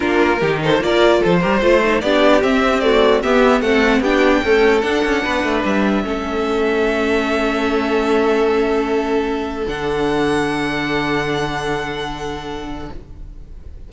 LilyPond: <<
  \new Staff \with { instrumentName = "violin" } { \time 4/4 \tempo 4 = 149 ais'4. c''8 d''4 c''4~ | c''4 d''4 e''4 d''4 | e''4 fis''4 g''2 | fis''2 e''2~ |
e''1~ | e''1 | fis''1~ | fis''1 | }
  \new Staff \with { instrumentName = "violin" } { \time 4/4 f'4 g'8 a'8 ais'4 a'8 ais'8 | c''4 g'2 fis'4 | g'4 a'4 g'4 a'4~ | a'4 b'2 a'4~ |
a'1~ | a'1~ | a'1~ | a'1 | }
  \new Staff \with { instrumentName = "viola" } { \time 4/4 d'4 dis'4 f'4. g'8 | f'8 dis'8 d'4 c'4 a4 | b4 c'4 d'4 a4 | d'2. cis'4~ |
cis'1~ | cis'1 | d'1~ | d'1 | }
  \new Staff \with { instrumentName = "cello" } { \time 4/4 ais4 dis4 ais4 f8 g8 | a4 b4 c'2 | b4 a4 b4 cis'4 | d'8 cis'8 b8 a8 g4 a4~ |
a1~ | a1 | d1~ | d1 | }
>>